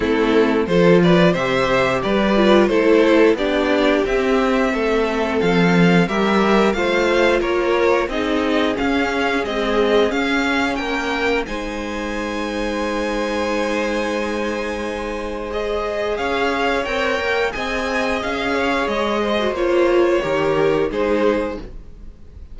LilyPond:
<<
  \new Staff \with { instrumentName = "violin" } { \time 4/4 \tempo 4 = 89 a'4 c''8 d''8 e''4 d''4 | c''4 d''4 e''2 | f''4 e''4 f''4 cis''4 | dis''4 f''4 dis''4 f''4 |
g''4 gis''2.~ | gis''2. dis''4 | f''4 g''4 gis''4 f''4 | dis''4 cis''2 c''4 | }
  \new Staff \with { instrumentName = "violin" } { \time 4/4 e'4 a'8 b'8 c''4 b'4 | a'4 g'2 a'4~ | a'4 ais'4 c''4 ais'4 | gis'1 |
ais'4 c''2.~ | c''1 | cis''2 dis''4. cis''8~ | cis''8 c''4. ais'4 gis'4 | }
  \new Staff \with { instrumentName = "viola" } { \time 4/4 c'4 f'4 g'4. f'8 | e'4 d'4 c'2~ | c'4 g'4 f'2 | dis'4 cis'4 gis4 cis'4~ |
cis'4 dis'2.~ | dis'2. gis'4~ | gis'4 ais'4 gis'2~ | gis'8. fis'16 f'4 g'4 dis'4 | }
  \new Staff \with { instrumentName = "cello" } { \time 4/4 a4 f4 c4 g4 | a4 b4 c'4 a4 | f4 g4 a4 ais4 | c'4 cis'4 c'4 cis'4 |
ais4 gis2.~ | gis1 | cis'4 c'8 ais8 c'4 cis'4 | gis4 ais4 dis4 gis4 | }
>>